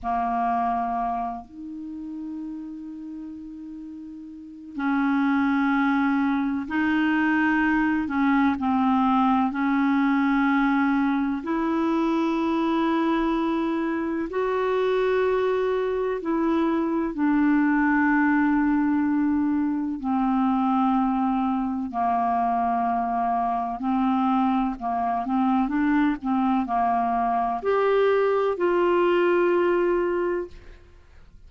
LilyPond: \new Staff \with { instrumentName = "clarinet" } { \time 4/4 \tempo 4 = 63 ais4. dis'2~ dis'8~ | dis'4 cis'2 dis'4~ | dis'8 cis'8 c'4 cis'2 | e'2. fis'4~ |
fis'4 e'4 d'2~ | d'4 c'2 ais4~ | ais4 c'4 ais8 c'8 d'8 c'8 | ais4 g'4 f'2 | }